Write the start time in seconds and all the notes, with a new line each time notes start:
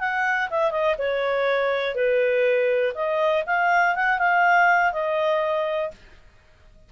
0.00 F#5
0.51 E5
0.71 D#5
0.98 C#5
1.95 B4
2.95 D#5
3.46 F5
3.95 F#5
4.19 F5
4.93 D#5